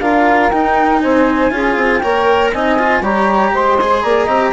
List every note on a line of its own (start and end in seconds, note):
0.00 0.51 D4
0.00 0.52 F4
0.00 1.01 A#4
0.00 0.50 F5
0.50 1.03 D#4
0.50 1.51 D#4
0.50 1.00 G5
1.00 1.51 C4
1.00 1.52 C5
1.00 1.99 G#5
1.51 1.76 C#4
1.51 2.02 F4
1.51 2.01 G#4
1.76 2.01 C4
1.99 2.53 A#3
1.99 2.53 A#4
1.99 2.51 C#5
1.99 2.49 G5
2.53 3.01 C4
2.53 2.79 D#4
2.53 3.01 D#5
2.53 3.03 G#5
2.79 3.03 F4
3.01 3.52 G3
3.01 3.79 G4
3.01 3.52 C#5
3.01 3.55 A#5
3.53 4.04 G#3
3.53 4.02 C5
3.53 4.03 C6
3.81 4.28 G#4
4.02 4.28 A#3
4.02 4.25 D5
4.02 4.53 A#5
4.25 4.53 C4
4.25 4.53 G4
4.25 4.51 D#5